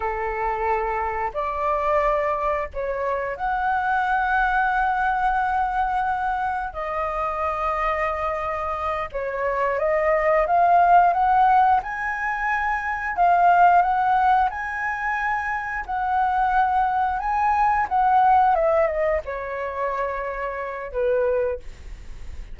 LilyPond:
\new Staff \with { instrumentName = "flute" } { \time 4/4 \tempo 4 = 89 a'2 d''2 | cis''4 fis''2.~ | fis''2 dis''2~ | dis''4. cis''4 dis''4 f''8~ |
f''8 fis''4 gis''2 f''8~ | f''8 fis''4 gis''2 fis''8~ | fis''4. gis''4 fis''4 e''8 | dis''8 cis''2~ cis''8 b'4 | }